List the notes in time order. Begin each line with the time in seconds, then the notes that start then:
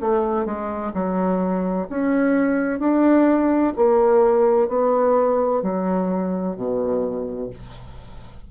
0.00 A3
0.45 G#3
0.93 F#3
1.89 C#4
2.79 D4
3.76 A#3
4.68 B3
5.62 F#3
6.56 B2